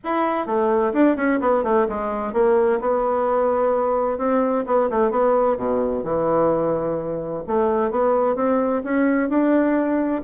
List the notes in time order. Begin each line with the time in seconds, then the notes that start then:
0.04 E4
0.46 A3
0.93 D4
1.16 C#4
1.40 B3
1.63 A3
1.88 G#3
2.33 A#3
2.80 B3
4.18 C4
4.66 B3
4.90 A3
5.10 B3
5.57 B2
6.03 E3
7.47 A3
7.90 B3
8.35 C4
8.84 C#4
9.29 D4